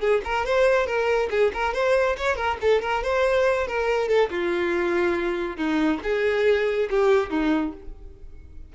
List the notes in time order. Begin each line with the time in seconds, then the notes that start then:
0.00 G#4
0.25 A#4
0.46 C5
0.86 A#4
1.31 G#4
1.54 A#4
1.74 C5
2.17 C#5
2.36 A#4
2.61 A4
2.82 A#4
3.03 C5
3.68 A#4
4.08 A4
4.30 F4
5.57 D#4
6.04 G#4
6.90 G4
7.30 D#4